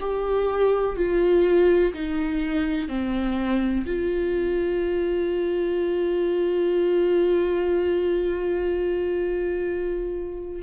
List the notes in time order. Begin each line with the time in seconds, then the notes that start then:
0.00 G4
0.96 F4
1.94 D#4
2.88 C4
3.86 F4